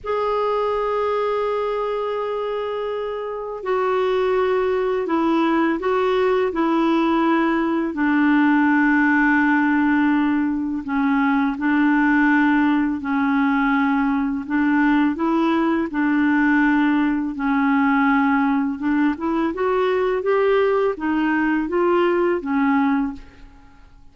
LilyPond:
\new Staff \with { instrumentName = "clarinet" } { \time 4/4 \tempo 4 = 83 gis'1~ | gis'4 fis'2 e'4 | fis'4 e'2 d'4~ | d'2. cis'4 |
d'2 cis'2 | d'4 e'4 d'2 | cis'2 d'8 e'8 fis'4 | g'4 dis'4 f'4 cis'4 | }